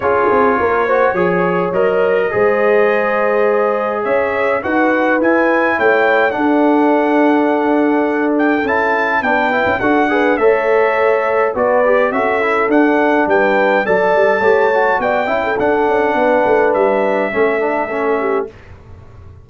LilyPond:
<<
  \new Staff \with { instrumentName = "trumpet" } { \time 4/4 \tempo 4 = 104 cis''2. dis''4~ | dis''2. e''4 | fis''4 gis''4 g''4 fis''4~ | fis''2~ fis''8 g''8 a''4 |
g''4 fis''4 e''2 | d''4 e''4 fis''4 g''4 | a''2 g''4 fis''4~ | fis''4 e''2. | }
  \new Staff \with { instrumentName = "horn" } { \time 4/4 gis'4 ais'8 c''8 cis''2 | c''2. cis''4 | b'2 cis''4 a'4~ | a'1 |
b'4 a'8 b'8 cis''2 | b'4 a'2 b'4 | d''4 cis''4 d''8 e''16 a'4~ a'16 | b'2 a'4. g'8 | }
  \new Staff \with { instrumentName = "trombone" } { \time 4/4 f'4. fis'8 gis'4 ais'4 | gis'1 | fis'4 e'2 d'4~ | d'2. e'4 |
d'8 e'8 fis'8 gis'8 a'2 | fis'8 g'8 fis'8 e'8 d'2 | a'4 g'8 fis'4 e'8 d'4~ | d'2 cis'8 d'8 cis'4 | }
  \new Staff \with { instrumentName = "tuba" } { \time 4/4 cis'8 c'8 ais4 f4 fis4 | gis2. cis'4 | dis'4 e'4 a4 d'4~ | d'2. cis'4 |
b8. cis'16 d'4 a2 | b4 cis'4 d'4 g4 | fis8 g8 a4 b8 cis'8 d'8 cis'8 | b8 a8 g4 a2 | }
>>